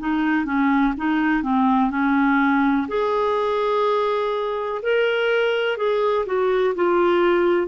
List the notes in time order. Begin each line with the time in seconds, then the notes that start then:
0.00 D#4
0.46 C#4
0.97 D#4
1.43 C4
1.91 C#4
2.88 G#4
4.83 A#4
5.78 G#4
6.26 F#4
6.76 F4